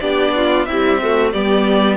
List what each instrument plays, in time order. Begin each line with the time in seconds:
0.00 cello B3, viola D4, violin G4 D5
0.35 violin F4
0.65 cello C4, violin E4 E5
0.72 viola G3
1.01 viola A3, violin F#4
1.32 cello G3, viola B3, violin G4 D5